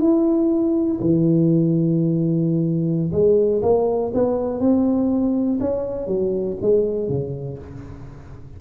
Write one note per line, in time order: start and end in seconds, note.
0.00 0.99 E4
1.00 3.11 E3
3.12 3.61 G#3
3.62 4.11 A#3
4.14 4.59 B3
4.59 5.59 C4
5.60 6.07 C#4
6.07 6.56 F#3
6.61 7.08 G#3
7.08 7.58 C#3